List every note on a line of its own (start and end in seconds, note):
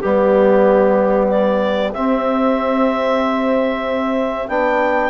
0.00 1.95 G3
0.00 1.94 B3
0.00 1.28 G4
0.00 5.11 G4
1.28 1.92 D5
1.93 4.48 C4
1.93 4.49 C4
1.93 4.48 E5
4.48 5.11 B3
4.48 5.11 D4
4.48 5.11 G5